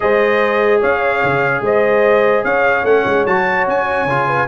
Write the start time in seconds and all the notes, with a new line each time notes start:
0.00 G#3 G#4 C5 D#5
0.80 C#4 C#5 F5
1.23 C#3
1.61 G#3 C5 D#5
2.43 C#4 C#5 F5
2.83 A3 C#4 F#5
3.05 G#3
3.26 F#3 F#4 A5
3.67 C#4 G#5
4.05 C#3 F4
4.27 B4